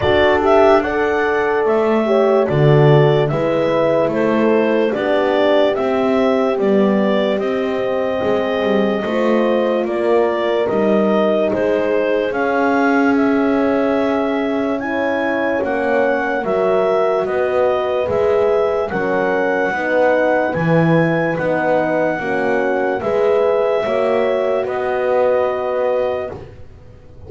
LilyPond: <<
  \new Staff \with { instrumentName = "clarinet" } { \time 4/4 \tempo 4 = 73 d''8 e''8 fis''4 e''4 d''4 | e''4 c''4 d''4 e''4 | d''4 dis''2. | d''4 dis''4 c''4 f''4 |
e''2 gis''4 fis''4 | e''4 dis''4 e''4 fis''4~ | fis''4 gis''4 fis''2 | e''2 dis''2 | }
  \new Staff \with { instrumentName = "horn" } { \time 4/4 a'4 d''4. cis''8 a'4 | b'4 a'4 g'2~ | g'2 gis'4 c''4 | ais'2 gis'2~ |
gis'2 cis''2 | ais'4 b'2 ais'4 | b'2. fis'4 | b'4 cis''4 b'2 | }
  \new Staff \with { instrumentName = "horn" } { \time 4/4 fis'8 g'8 a'4. g'8 fis'4 | e'2 d'4 c'4 | b4 c'2 f'4~ | f'4 dis'2 cis'4~ |
cis'2 e'4 cis'4 | fis'2 gis'4 cis'4 | dis'4 e'4 dis'4 cis'4 | gis'4 fis'2. | }
  \new Staff \with { instrumentName = "double bass" } { \time 4/4 d'2 a4 d4 | gis4 a4 b4 c'4 | g4 c'4 gis8 g8 a4 | ais4 g4 gis4 cis'4~ |
cis'2. ais4 | fis4 b4 gis4 fis4 | b4 e4 b4 ais4 | gis4 ais4 b2 | }
>>